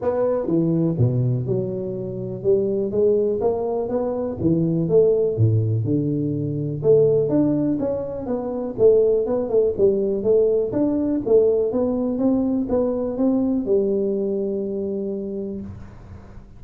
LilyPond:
\new Staff \with { instrumentName = "tuba" } { \time 4/4 \tempo 4 = 123 b4 e4 b,4 fis4~ | fis4 g4 gis4 ais4 | b4 e4 a4 a,4 | d2 a4 d'4 |
cis'4 b4 a4 b8 a8 | g4 a4 d'4 a4 | b4 c'4 b4 c'4 | g1 | }